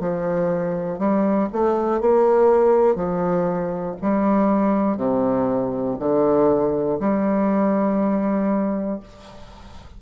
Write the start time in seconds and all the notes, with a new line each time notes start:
0.00 F3
0.99 G3
1.53 A3
2.01 A#3
2.95 F3
4.02 G3
4.97 C3
6.00 D3
7.00 G3